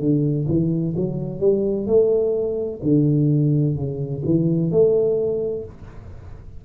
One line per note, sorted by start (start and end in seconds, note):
0.00 0.47 D3
0.48 0.95 E3
0.96 1.40 F#3
1.40 1.86 G3
1.86 2.80 A3
2.83 3.76 D3
3.76 4.23 C#3
4.25 4.71 E3
4.71 5.65 A3